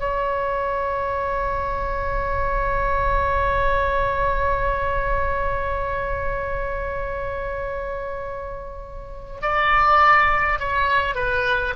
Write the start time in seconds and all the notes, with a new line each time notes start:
0.00 C#5
9.42 D5
10.60 C#5
11.16 B4